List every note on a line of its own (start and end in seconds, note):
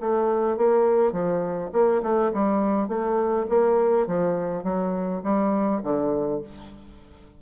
0.00 0.57 A3
0.57 1.12 A#3
1.12 1.70 F3
1.73 2.02 A#3
2.03 2.32 A3
2.34 2.88 G3
2.88 3.46 A3
3.49 4.07 A#3
4.07 4.63 F3
4.63 5.22 F#3
5.23 5.81 G3
5.83 6.41 D3